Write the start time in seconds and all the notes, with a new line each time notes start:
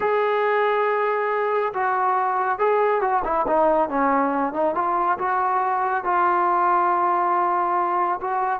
0.00 G#4
1.73 F#4
2.58 G#4
3.01 F#4
3.24 E4
3.47 D#4
3.89 C#4
4.53 D#4
4.74 F4
5.18 F#4
6.04 F4
8.20 F#4